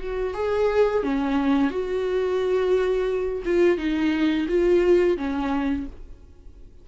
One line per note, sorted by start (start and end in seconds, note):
0.00 0.34 F#4
0.34 1.03 G#4
1.03 1.71 C#4
1.71 3.43 F#4
3.45 3.78 F4
3.78 4.47 D#4
4.49 5.18 F4
5.18 5.87 C#4